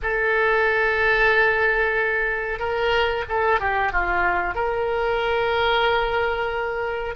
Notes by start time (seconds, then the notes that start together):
0.02 A4
2.59 A#4
3.28 A4
3.60 G4
3.92 F4
4.54 A#4